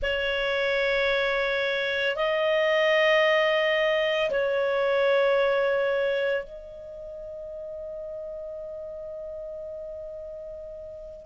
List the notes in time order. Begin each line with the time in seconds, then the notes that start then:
0.02 C#5
2.15 D#5
4.30 C#5
6.44 D#5